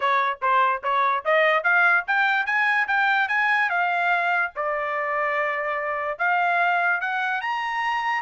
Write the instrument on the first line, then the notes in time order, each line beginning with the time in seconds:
trumpet
0.00 C#5
0.41 C5
0.83 C#5
1.24 D#5
1.63 F5
2.07 G5
2.46 G#5
2.87 G5
3.28 G#5
3.69 F5
4.55 D5
6.18 F5
7.01 F#5
7.41 A#5